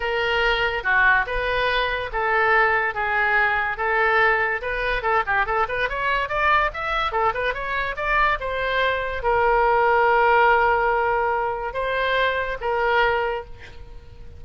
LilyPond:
\new Staff \with { instrumentName = "oboe" } { \time 4/4 \tempo 4 = 143 ais'2 fis'4 b'4~ | b'4 a'2 gis'4~ | gis'4 a'2 b'4 | a'8 g'8 a'8 b'8 cis''4 d''4 |
e''4 a'8 b'8 cis''4 d''4 | c''2 ais'2~ | ais'1 | c''2 ais'2 | }